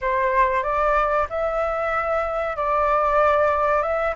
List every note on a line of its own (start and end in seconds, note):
0.01 0.63 C5
0.63 1.27 D5
1.29 2.56 E5
2.56 3.82 D5
3.82 4.14 E5